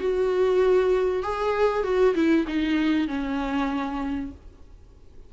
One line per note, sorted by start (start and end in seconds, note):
0.00 1.23 F#4
1.23 1.83 G#4
1.83 2.14 F#4
2.15 2.45 E4
2.47 3.07 D#4
3.07 4.31 C#4